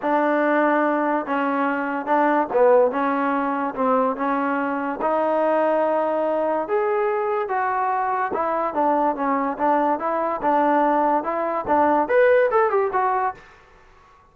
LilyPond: \new Staff \with { instrumentName = "trombone" } { \time 4/4 \tempo 4 = 144 d'2. cis'4~ | cis'4 d'4 b4 cis'4~ | cis'4 c'4 cis'2 | dis'1 |
gis'2 fis'2 | e'4 d'4 cis'4 d'4 | e'4 d'2 e'4 | d'4 b'4 a'8 g'8 fis'4 | }